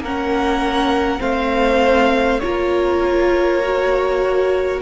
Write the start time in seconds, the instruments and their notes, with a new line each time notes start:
0.00 cello A#3, viola C#4, violin A#4 F#5
1.19 cello A3, viola C4, violin C5 F5
2.40 cello A#3, viola F4, violin A#4 C#5
3.64 viola F#4